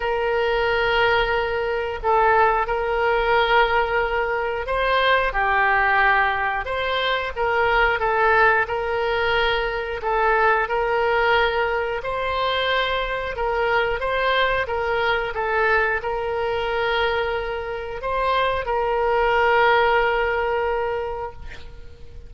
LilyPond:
\new Staff \with { instrumentName = "oboe" } { \time 4/4 \tempo 4 = 90 ais'2. a'4 | ais'2. c''4 | g'2 c''4 ais'4 | a'4 ais'2 a'4 |
ais'2 c''2 | ais'4 c''4 ais'4 a'4 | ais'2. c''4 | ais'1 | }